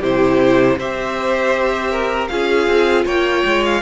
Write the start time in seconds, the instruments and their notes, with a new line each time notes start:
0.00 cello C3, viola E4, violin G4 C5
0.78 cello C4, viola G4, violin C5 E5
1.91 violin A#4
2.28 cello C#4, viola F4, violin G#4 F5
2.68 cello C4
3.06 cello A#3, violin C#5 G5
3.46 cello G#3
3.65 violin F5